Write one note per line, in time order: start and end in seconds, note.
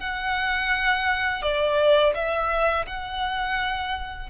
0.00 1.42 F#5
1.42 2.14 D5
2.15 2.86 E5
2.87 4.30 F#5